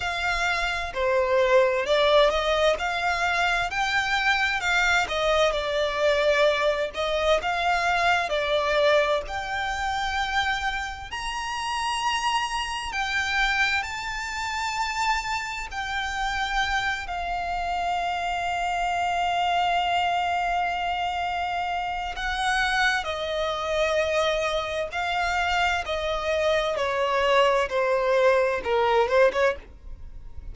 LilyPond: \new Staff \with { instrumentName = "violin" } { \time 4/4 \tempo 4 = 65 f''4 c''4 d''8 dis''8 f''4 | g''4 f''8 dis''8 d''4. dis''8 | f''4 d''4 g''2 | ais''2 g''4 a''4~ |
a''4 g''4. f''4.~ | f''1 | fis''4 dis''2 f''4 | dis''4 cis''4 c''4 ais'8 c''16 cis''16 | }